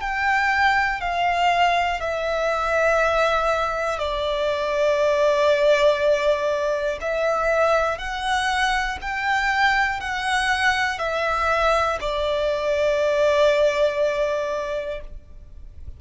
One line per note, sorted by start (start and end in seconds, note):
0.00 1.00 G5
1.00 2.00 F5
2.00 3.99 E5
3.99 6.99 D5
7.00 7.98 E5
7.98 8.98 F#5
9.01 10.00 G5
10.00 10.99 F#5
10.99 11.99 E5
12.00 15.00 D5